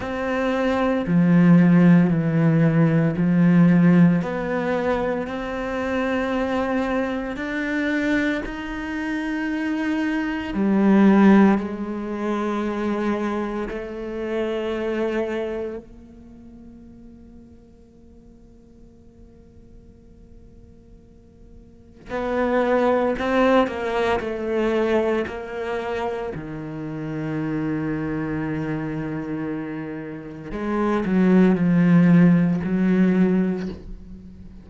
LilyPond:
\new Staff \with { instrumentName = "cello" } { \time 4/4 \tempo 4 = 57 c'4 f4 e4 f4 | b4 c'2 d'4 | dis'2 g4 gis4~ | gis4 a2 ais4~ |
ais1~ | ais4 b4 c'8 ais8 a4 | ais4 dis2.~ | dis4 gis8 fis8 f4 fis4 | }